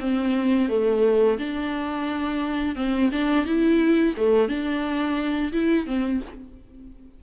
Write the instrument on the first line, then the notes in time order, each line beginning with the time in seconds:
viola
0.00 C4
0.69 A3
1.39 D4
2.76 C4
3.12 D4
3.45 E4
4.17 A3
4.49 D4
5.52 E4
5.86 C4